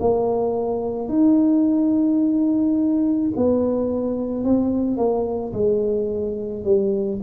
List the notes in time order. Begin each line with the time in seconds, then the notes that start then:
0.00 A#3
1.09 D#4
3.36 B3
4.44 C4
4.97 A#3
5.54 G#3
6.65 G3